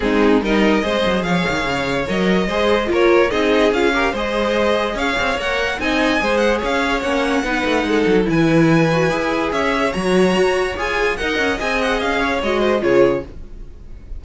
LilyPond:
<<
  \new Staff \with { instrumentName = "violin" } { \time 4/4 \tempo 4 = 145 gis'4 dis''2 f''4~ | f''4 dis''2 cis''4 | dis''4 f''4 dis''2 | f''4 fis''4 gis''4. fis''8 |
f''4 fis''2. | gis''2. e''4 | ais''2 gis''4 fis''4 | gis''8 fis''8 f''4 dis''4 cis''4 | }
  \new Staff \with { instrumentName = "violin" } { \time 4/4 dis'4 ais'4 c''4 cis''4~ | cis''2 c''4 ais'4 | gis'4. ais'8 c''2 | cis''2 dis''4 c''4 |
cis''2 b'4 a'4 | b'2. cis''4~ | cis''2. dis''4~ | dis''4. cis''4 c''8 gis'4 | }
  \new Staff \with { instrumentName = "viola" } { \time 4/4 c'4 dis'4 gis'2~ | gis'4 ais'4 gis'4 f'4 | dis'4 f'8 g'8 gis'2~ | gis'4 ais'4 dis'4 gis'4~ |
gis'4 cis'4 dis'2 | e'4. fis'8 gis'2 | fis'2 gis'4 ais'4 | gis'2 fis'4 f'4 | }
  \new Staff \with { instrumentName = "cello" } { \time 4/4 gis4 g4 gis8 fis8 f8 dis8 | cis4 fis4 gis4 ais4 | c'4 cis'4 gis2 | cis'8 c'8 ais4 c'4 gis4 |
cis'4 ais4 b8 a8 gis8 fis8 | e2 e'4 cis'4 | fis4 fis'4 f'4 dis'8 cis'8 | c'4 cis'4 gis4 cis4 | }
>>